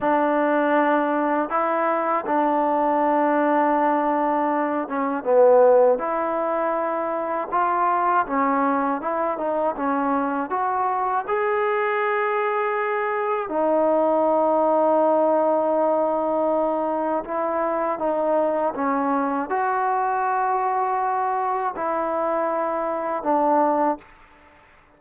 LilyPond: \new Staff \with { instrumentName = "trombone" } { \time 4/4 \tempo 4 = 80 d'2 e'4 d'4~ | d'2~ d'8 cis'8 b4 | e'2 f'4 cis'4 | e'8 dis'8 cis'4 fis'4 gis'4~ |
gis'2 dis'2~ | dis'2. e'4 | dis'4 cis'4 fis'2~ | fis'4 e'2 d'4 | }